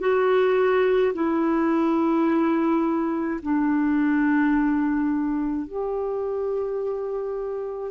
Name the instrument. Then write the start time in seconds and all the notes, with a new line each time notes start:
clarinet
0.00 F#4
1.14 E4
3.42 D4
5.68 G4